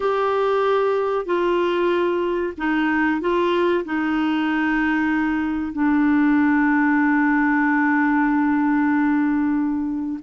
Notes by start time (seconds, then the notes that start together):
0.00 G4
1.25 F4
2.57 D#4
3.20 F4
3.84 D#4
5.72 D4